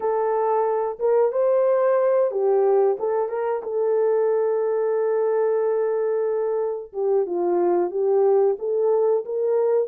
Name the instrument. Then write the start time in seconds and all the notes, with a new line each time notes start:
horn
0.00 A4
0.99 A#4
1.32 C5
2.31 G4
2.99 A4
3.28 A#4
3.62 A4
6.92 G4
7.26 F4
7.90 G4
8.58 A4
9.25 A#4